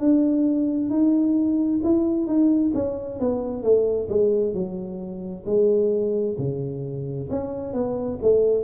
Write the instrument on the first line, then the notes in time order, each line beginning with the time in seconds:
tuba
0.00 D4
0.90 D#4
1.83 E4
2.27 D#4
2.74 C#4
3.20 B3
3.63 A3
4.10 G#3
4.54 F#3
5.46 G#3
6.38 C#3
7.31 C#4
7.74 B3
8.22 A3